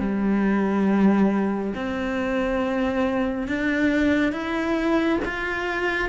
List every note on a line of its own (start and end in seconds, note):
0.00 1.74 G3
1.75 3.48 C4
3.48 4.33 D4
4.33 5.20 E4
5.25 6.09 F4